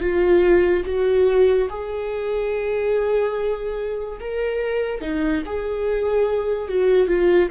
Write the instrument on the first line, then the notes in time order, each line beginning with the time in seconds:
viola
0.00 F4
0.85 F#4
1.69 G#4
4.20 A#4
5.01 D#4
5.46 G#4
6.68 F#4
7.08 F4